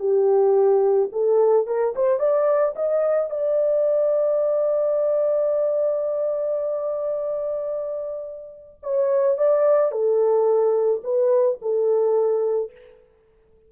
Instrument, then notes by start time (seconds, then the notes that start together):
horn
0.00 G4
1.12 A4
1.67 A#4
1.96 C5
2.20 D5
2.76 D#5
3.31 D5
8.83 C#5
9.38 D5
9.92 A4
11.04 B4
11.62 A4